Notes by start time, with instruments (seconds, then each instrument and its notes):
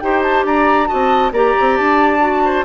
0.00 bassoon D#4, clarinet G4, oboe C5, flute G5
0.22 flute A5
0.44 bassoon D4, oboe D5, flute A#5
0.86 clarinet F#4, oboe D#5, flute A5
0.93 bassoon C4
1.32 bassoon A#3, clarinet G4, oboe D5, flute A#5
1.60 bassoon C4
1.77 bassoon D4, flute A5
2.20 clarinet F#4
2.44 oboe C5